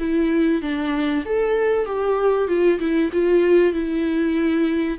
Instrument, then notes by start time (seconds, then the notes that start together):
viola
0.00 E4
0.62 D4
1.26 A4
1.86 G4
2.48 F4
2.80 E4
3.13 F4
3.74 E4